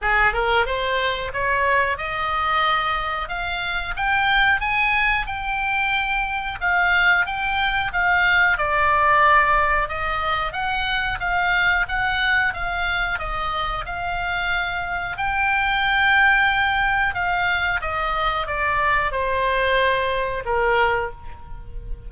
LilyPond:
\new Staff \with { instrumentName = "oboe" } { \time 4/4 \tempo 4 = 91 gis'8 ais'8 c''4 cis''4 dis''4~ | dis''4 f''4 g''4 gis''4 | g''2 f''4 g''4 | f''4 d''2 dis''4 |
fis''4 f''4 fis''4 f''4 | dis''4 f''2 g''4~ | g''2 f''4 dis''4 | d''4 c''2 ais'4 | }